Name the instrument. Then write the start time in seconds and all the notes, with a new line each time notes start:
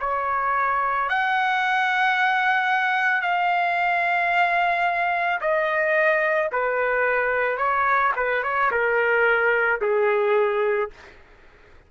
trumpet
0.00 C#5
1.10 F#5
3.22 F5
5.41 D#5
6.52 B4
7.58 C#5
8.16 B4
8.43 C#5
8.71 A#4
9.81 G#4